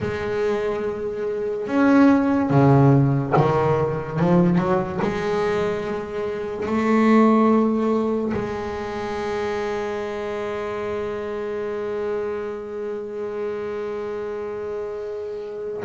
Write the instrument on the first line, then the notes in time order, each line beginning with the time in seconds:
double bass
0.00 G#3
1.67 C#4
2.50 C#3
3.36 D#3
4.19 F3
4.58 F#3
5.02 G#3
6.66 A3
8.33 G#3